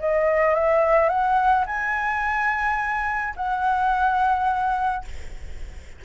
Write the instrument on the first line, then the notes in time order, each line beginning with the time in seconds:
flute
0.00 D#5
0.55 E5
1.09 F#5
1.66 G#5
3.37 F#5